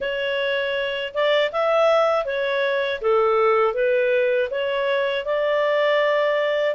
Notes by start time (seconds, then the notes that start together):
0.00 C#5
1.14 D5
1.52 E5
2.25 C#5
3.01 A4
3.74 B4
4.50 C#5
5.25 D5